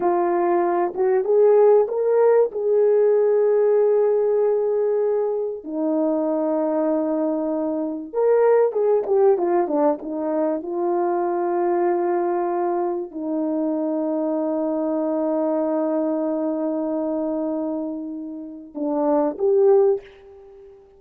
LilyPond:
\new Staff \with { instrumentName = "horn" } { \time 4/4 \tempo 4 = 96 f'4. fis'8 gis'4 ais'4 | gis'1~ | gis'4 dis'2.~ | dis'4 ais'4 gis'8 g'8 f'8 d'8 |
dis'4 f'2.~ | f'4 dis'2.~ | dis'1~ | dis'2 d'4 g'4 | }